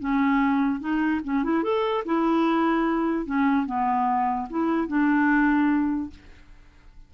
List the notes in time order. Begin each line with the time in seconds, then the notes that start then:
0.00 C#4
0.80 D#4
1.24 C#4
1.44 E4
1.63 A4
2.06 E4
3.26 C#4
3.66 B3
4.50 E4
4.88 D4